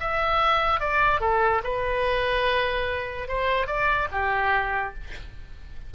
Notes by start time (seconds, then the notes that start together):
0.00 E5
0.80 D5
1.20 A4
1.64 B4
3.28 C5
3.67 D5
4.12 G4